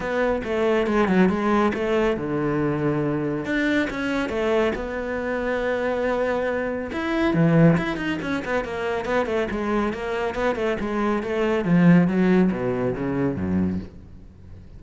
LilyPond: \new Staff \with { instrumentName = "cello" } { \time 4/4 \tempo 4 = 139 b4 a4 gis8 fis8 gis4 | a4 d2. | d'4 cis'4 a4 b4~ | b1 |
e'4 e4 e'8 dis'8 cis'8 b8 | ais4 b8 a8 gis4 ais4 | b8 a8 gis4 a4 f4 | fis4 b,4 cis4 fis,4 | }